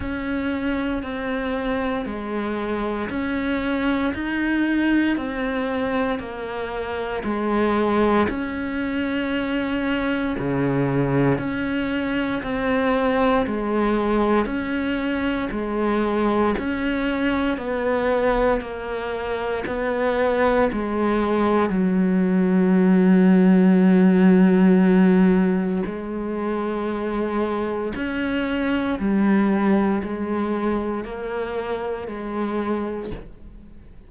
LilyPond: \new Staff \with { instrumentName = "cello" } { \time 4/4 \tempo 4 = 58 cis'4 c'4 gis4 cis'4 | dis'4 c'4 ais4 gis4 | cis'2 cis4 cis'4 | c'4 gis4 cis'4 gis4 |
cis'4 b4 ais4 b4 | gis4 fis2.~ | fis4 gis2 cis'4 | g4 gis4 ais4 gis4 | }